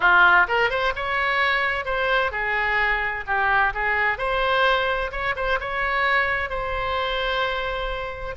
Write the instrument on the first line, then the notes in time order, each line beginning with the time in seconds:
oboe
0.00 F4
0.48 A#4
0.70 C5
0.95 C#5
1.85 C5
2.31 G#4
3.26 G4
3.74 G#4
4.18 C5
5.11 C#5
5.36 C5
5.60 C#5
6.49 C5